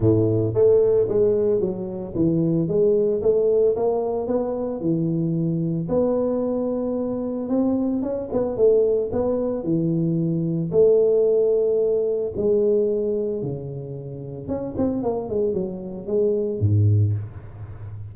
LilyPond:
\new Staff \with { instrumentName = "tuba" } { \time 4/4 \tempo 4 = 112 a,4 a4 gis4 fis4 | e4 gis4 a4 ais4 | b4 e2 b4~ | b2 c'4 cis'8 b8 |
a4 b4 e2 | a2. gis4~ | gis4 cis2 cis'8 c'8 | ais8 gis8 fis4 gis4 gis,4 | }